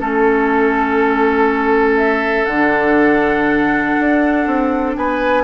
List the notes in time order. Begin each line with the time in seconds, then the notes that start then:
0.00 A3 C#4 A4
1.98 E5
2.45 D3 F#5
2.52 D4
4.00 D4
4.47 C4
4.97 B3 B4 G#5